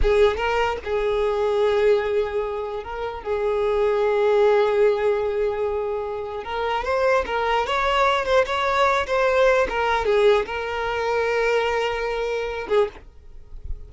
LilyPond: \new Staff \with { instrumentName = "violin" } { \time 4/4 \tempo 4 = 149 gis'4 ais'4 gis'2~ | gis'2. ais'4 | gis'1~ | gis'1 |
ais'4 c''4 ais'4 cis''4~ | cis''8 c''8 cis''4. c''4. | ais'4 gis'4 ais'2~ | ais'2.~ ais'8 gis'8 | }